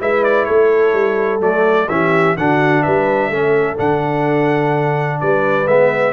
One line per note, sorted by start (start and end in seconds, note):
0.00 0.47 G#3
0.00 1.40 E4
0.00 0.46 B4
0.00 0.24 E5
0.24 0.45 D5
0.45 0.93 A3
0.45 1.88 A4
0.45 1.39 C#5
0.93 1.40 G3
1.40 1.87 F#3
1.40 1.87 A3
1.40 1.88 D5
1.88 2.36 E3
1.88 2.37 C#4
1.88 2.38 G4
1.88 2.36 E5
2.37 2.84 D3
2.37 3.31 D4
2.37 2.83 F#4
2.37 2.82 F#5
2.82 3.29 G3
2.82 3.30 B4
2.82 3.77 E5
3.29 3.76 A3
3.29 3.76 C#4
3.29 5.21 A4
3.76 5.20 D3
3.76 5.65 D4
3.76 5.20 F#5
5.20 5.67 G3
5.20 6.13 B4
5.20 5.67 D5
5.67 6.13 G#3
5.67 6.13 B3
5.67 6.13 E5